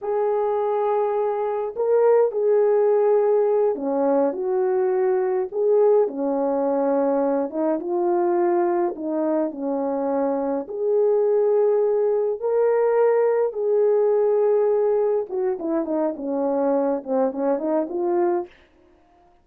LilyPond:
\new Staff \with { instrumentName = "horn" } { \time 4/4 \tempo 4 = 104 gis'2. ais'4 | gis'2~ gis'8 cis'4 fis'8~ | fis'4. gis'4 cis'4.~ | cis'4 dis'8 f'2 dis'8~ |
dis'8 cis'2 gis'4.~ | gis'4. ais'2 gis'8~ | gis'2~ gis'8 fis'8 e'8 dis'8 | cis'4. c'8 cis'8 dis'8 f'4 | }